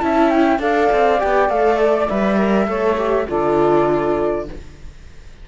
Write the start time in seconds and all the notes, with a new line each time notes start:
0.00 C#4 E4 E5 A5
0.30 G5
0.59 D4 A4 D5 F5
0.92 C4
1.20 B3 G4 G5
1.49 A3 A4 F5
1.80 D5
2.09 G3 B4 E5
2.37 A#4
2.67 A3 A4 C#5
2.98 G4
3.27 D3 F4 A4 D5